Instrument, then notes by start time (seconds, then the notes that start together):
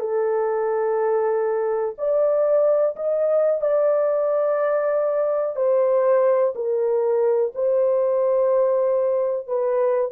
horn
0.00 A4
1.98 D5
2.96 D#5
3.61 D5
5.56 C5
6.55 A#4
7.55 C5
9.47 B4